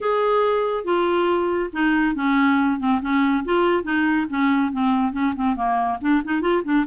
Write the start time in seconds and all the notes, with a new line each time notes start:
0.00 G#4
0.84 F4
1.72 D#4
2.15 C#4
2.79 C4
3.01 C#4
3.44 F4
3.83 D#4
4.29 C#4
4.72 C4
5.12 C#4
5.35 C4
5.55 A#3
6.01 D4
6.24 D#4
6.41 F4
6.64 D4